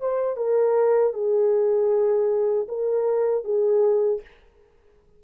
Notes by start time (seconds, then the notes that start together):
0.00 C5
0.36 A#4
1.13 G#4
2.68 A#4
3.44 G#4